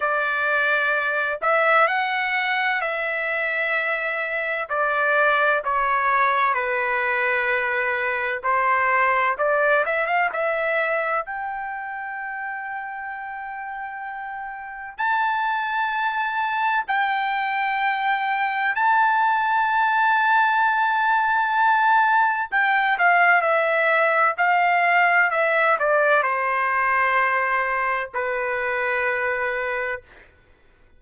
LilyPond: \new Staff \with { instrumentName = "trumpet" } { \time 4/4 \tempo 4 = 64 d''4. e''8 fis''4 e''4~ | e''4 d''4 cis''4 b'4~ | b'4 c''4 d''8 e''16 f''16 e''4 | g''1 |
a''2 g''2 | a''1 | g''8 f''8 e''4 f''4 e''8 d''8 | c''2 b'2 | }